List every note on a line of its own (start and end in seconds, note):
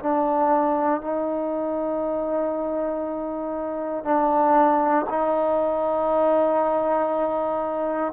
0.00 1.01 D4
1.01 4.04 D#4
4.04 5.06 D4
5.10 8.14 D#4